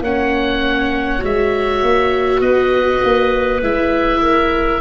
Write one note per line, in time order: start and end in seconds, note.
0.00 1.20 A#3
0.00 1.19 C#4
0.00 2.40 C#5
0.00 1.24 F#5
1.19 1.82 G#3
1.19 3.59 F#4
1.19 2.41 E5
1.82 2.41 A#3
2.40 3.00 B3
2.40 4.20 B4
2.40 3.61 D#5
3.04 3.62 A#3
3.62 4.81 G#3
3.62 4.81 E4
3.62 4.81 E5
4.21 4.81 A#4